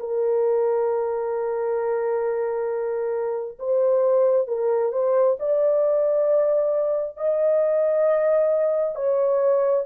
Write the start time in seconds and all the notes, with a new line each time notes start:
0.00 A#4
3.59 C5
4.48 A#4
4.93 C5
5.39 D5
7.17 D#5
8.96 C#5